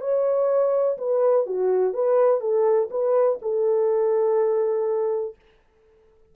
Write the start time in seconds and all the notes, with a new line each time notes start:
0.00 C#5
0.97 B4
1.46 F#4
1.93 B4
2.40 A4
2.90 B4
3.42 A4